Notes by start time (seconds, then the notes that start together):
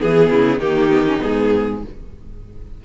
0.00 E3 B3 G#4
0.31 C#3 E4
0.59 D#3 A#3 D#4 G4
0.91 B3
1.07 C#4
1.20 G#2 B3 G#4